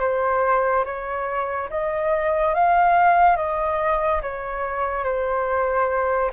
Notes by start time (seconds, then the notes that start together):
0.00 C5
0.85 C#5
1.70 D#5
2.54 F5
3.36 D#5
4.22 C#5
5.04 C5